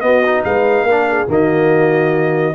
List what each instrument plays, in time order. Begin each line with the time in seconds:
0.00 trombone B3, tuba B3, horn F#4, trumpet D#5
0.25 trombone D#4
0.44 tuba G#3, horn B4, trumpet F5
0.83 tuba A#3, trombone D4, horn A#4
1.09 horn G#4
1.27 tuba D#3, trombone A#3, horn F#4, trumpet D#5